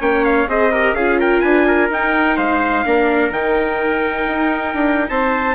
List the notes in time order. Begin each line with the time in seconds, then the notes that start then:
0.00 A#3 C#4 C#5 G5
0.24 F5
0.47 C4 G#4 C5 D#5
0.71 G4 A#4
0.93 C#4 F4 G#4 F5
1.19 A#4 G5
1.40 D4 B4 G#5
1.67 A#4
1.90 D#4 G5
2.36 G#3 C5 F5
2.85 A#3 D4 A#4
3.30 D#3 D#4 G5
4.27 D#4
4.73 D4
5.09 C4 C5 A5